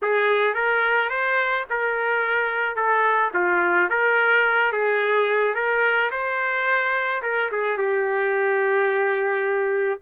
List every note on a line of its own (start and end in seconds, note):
0.02 0.54 G#4
0.54 1.09 A#4
1.09 1.65 C5
1.69 2.76 A#4
2.76 3.31 A4
3.34 3.89 F4
3.89 4.72 A#4
4.72 5.54 G#4
5.54 6.10 A#4
6.11 7.22 C5
7.22 7.50 A#4
7.51 7.77 G#4
7.77 9.99 G4